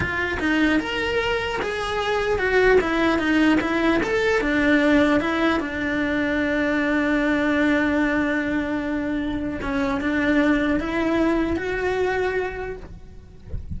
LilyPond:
\new Staff \with { instrumentName = "cello" } { \time 4/4 \tempo 4 = 150 f'4 dis'4 ais'2 | gis'2 fis'4 e'4 | dis'4 e'4 a'4 d'4~ | d'4 e'4 d'2~ |
d'1~ | d'1 | cis'4 d'2 e'4~ | e'4 fis'2. | }